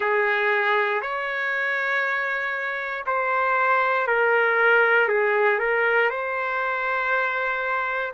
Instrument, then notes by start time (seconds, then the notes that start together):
trumpet
0.00 G#4
1.01 C#5
3.06 C5
4.07 A#4
5.08 G#4
5.59 A#4
6.10 C5